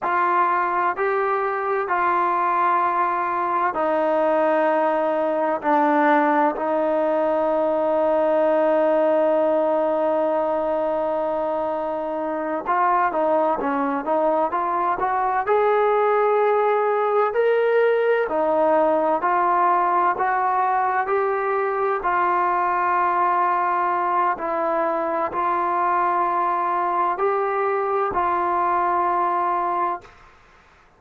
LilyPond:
\new Staff \with { instrumentName = "trombone" } { \time 4/4 \tempo 4 = 64 f'4 g'4 f'2 | dis'2 d'4 dis'4~ | dis'1~ | dis'4. f'8 dis'8 cis'8 dis'8 f'8 |
fis'8 gis'2 ais'4 dis'8~ | dis'8 f'4 fis'4 g'4 f'8~ | f'2 e'4 f'4~ | f'4 g'4 f'2 | }